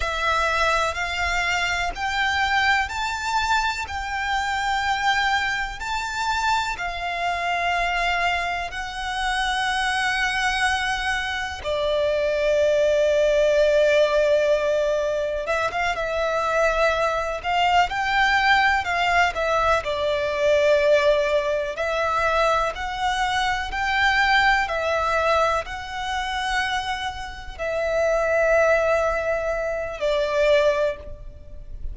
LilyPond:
\new Staff \with { instrumentName = "violin" } { \time 4/4 \tempo 4 = 62 e''4 f''4 g''4 a''4 | g''2 a''4 f''4~ | f''4 fis''2. | d''1 |
e''16 f''16 e''4. f''8 g''4 f''8 | e''8 d''2 e''4 fis''8~ | fis''8 g''4 e''4 fis''4.~ | fis''8 e''2~ e''8 d''4 | }